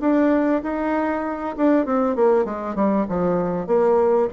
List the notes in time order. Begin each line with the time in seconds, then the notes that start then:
0.00 D4
0.62 D#4
1.56 D4
1.85 C4
2.15 A#3
2.44 G#3
2.75 G3
3.08 F3
3.66 A#3